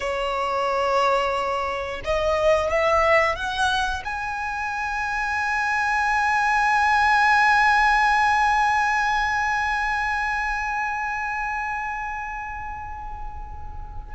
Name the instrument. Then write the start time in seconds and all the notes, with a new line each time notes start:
violin
0.00 C#5
2.04 D#5
2.70 E5
3.35 F#5
4.04 G#5